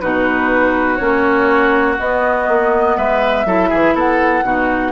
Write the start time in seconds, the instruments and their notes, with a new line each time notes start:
0.00 bassoon B2, clarinet D#4, oboe F#4, flute B4
0.96 bassoon A#3, clarinet C#4, flute C#5
1.99 bassoon B3, clarinet B3, flute D#5
2.48 bassoon A#3
2.97 bassoon G#3, oboe B4, flute E5
3.45 bassoon F#3, clarinet E4, oboe A4
3.69 bassoon E3, oboe G#4
3.93 bassoon B3, oboe A4, flute F#5
4.43 bassoon B2, clarinet D#4, oboe F#4